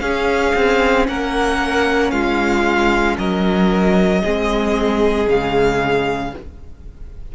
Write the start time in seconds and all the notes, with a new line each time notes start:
0.00 C#4 G#4 F5
0.55 C4
1.08 A#3 A#4 F#5
2.11 G#3 F4 F5
3.18 F#3 A#4 D#5
4.22 G#3 C4 G#4
5.27 C#3 G#3 F5